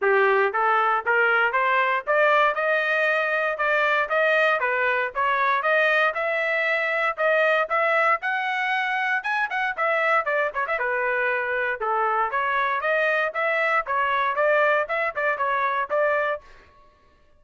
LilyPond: \new Staff \with { instrumentName = "trumpet" } { \time 4/4 \tempo 4 = 117 g'4 a'4 ais'4 c''4 | d''4 dis''2 d''4 | dis''4 b'4 cis''4 dis''4 | e''2 dis''4 e''4 |
fis''2 gis''8 fis''8 e''4 | d''8 cis''16 e''16 b'2 a'4 | cis''4 dis''4 e''4 cis''4 | d''4 e''8 d''8 cis''4 d''4 | }